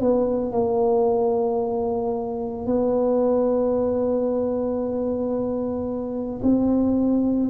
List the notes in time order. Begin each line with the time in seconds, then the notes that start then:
0.00 B3
0.52 A#3
2.66 B3
6.42 C4